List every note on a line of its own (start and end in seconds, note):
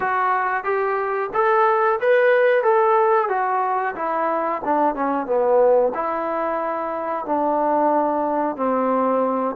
0.00 0.64 F#4
0.64 1.29 G4
1.33 1.99 A4
2.00 2.63 B4
2.63 3.28 A4
3.28 3.94 F#4
3.95 4.61 E4
4.64 4.95 D4
4.95 5.26 C#4
5.26 5.92 B3
5.94 7.25 E4
7.25 8.56 D4
8.56 9.55 C4